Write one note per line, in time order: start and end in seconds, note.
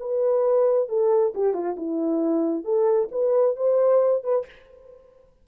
0.00 0.89 B4
0.89 1.34 A4
1.35 1.54 G4
1.54 1.76 F4
1.77 2.64 E4
2.64 3.09 A4
3.12 3.56 B4
3.56 4.23 C5
4.24 4.46 B4